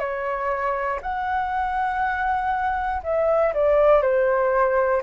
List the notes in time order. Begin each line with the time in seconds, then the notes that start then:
0.00 C#5
1.02 F#5
3.03 E5
3.55 D5
4.02 C5